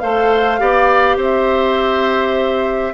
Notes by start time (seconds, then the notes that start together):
0.00 A3 A4 C5 F5
0.59 B3 G4 D5
1.17 C4 C5
1.23 E5